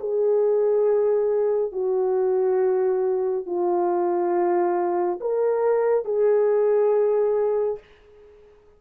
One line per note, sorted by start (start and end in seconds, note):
0.00 1.72 G#4
1.72 3.46 F#4
3.46 5.20 F4
5.21 6.05 A#4
6.05 7.79 G#4